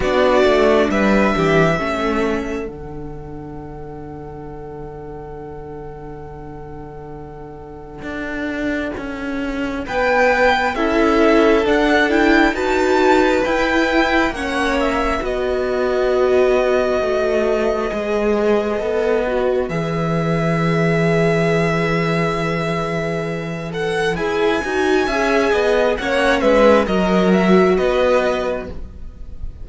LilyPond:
<<
  \new Staff \with { instrumentName = "violin" } { \time 4/4 \tempo 4 = 67 d''4 e''2 fis''4~ | fis''1~ | fis''2. g''4 | e''4 fis''8 g''8 a''4 g''4 |
fis''8 e''8 dis''2.~ | dis''2 e''2~ | e''2~ e''8 fis''8 gis''4~ | gis''4 fis''8 e''8 dis''8 e''8 dis''4 | }
  \new Staff \with { instrumentName = "violin" } { \time 4/4 fis'4 b'8 g'8 a'2~ | a'1~ | a'2. b'4 | a'2 b'2 |
cis''4 b'2.~ | b'1~ | b'1 | e''8 dis''8 cis''8 b'8 ais'4 b'4 | }
  \new Staff \with { instrumentName = "viola" } { \time 4/4 d'2 cis'4 d'4~ | d'1~ | d'1 | e'4 d'8 e'8 fis'4 e'4 |
cis'4 fis'2. | gis'4 a'8 fis'8 gis'2~ | gis'2~ gis'8 a'8 gis'8 fis'8 | gis'4 cis'4 fis'2 | }
  \new Staff \with { instrumentName = "cello" } { \time 4/4 b8 a8 g8 e8 a4 d4~ | d1~ | d4 d'4 cis'4 b4 | cis'4 d'4 dis'4 e'4 |
ais4 b2 a4 | gis4 b4 e2~ | e2. e'8 dis'8 | cis'8 b8 ais8 gis8 fis4 b4 | }
>>